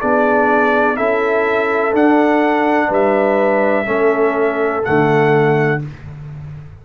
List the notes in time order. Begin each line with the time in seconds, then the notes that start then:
0.00 B3 D4 G#4 D5
0.96 C#4 E4 A4 E5
1.92 D4 F#5
2.87 G3 B4 E5
3.85 A3 C#4 A4
4.83 D3 A3 F#5